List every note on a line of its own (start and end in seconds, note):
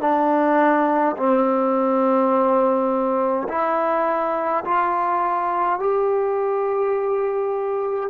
0.00 1.15 D4
1.16 3.47 C4
3.48 4.64 E4
4.64 5.79 F4
5.79 8.10 G4